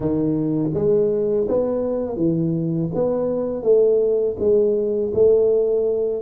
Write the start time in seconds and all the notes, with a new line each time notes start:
0.00 D#3
0.74 G#3
1.48 B3
2.16 E3
2.94 B3
3.63 A3
4.39 G#3
5.14 A3